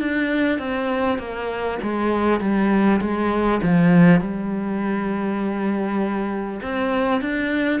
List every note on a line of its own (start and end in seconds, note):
0.00 0.58 D4
0.58 1.18 C4
1.18 1.78 A#3
1.82 2.40 G#3
2.40 3.00 G3
3.01 3.61 G#3
3.62 4.21 F3
4.21 6.61 G3
6.62 7.21 C4
7.21 7.80 D4